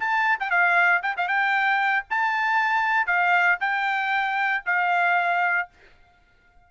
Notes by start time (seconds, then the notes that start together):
0.00 A5
0.40 G5
0.51 F5
1.03 G5
1.17 F5
1.28 G5
2.11 A5
3.07 F5
3.61 G5
4.66 F5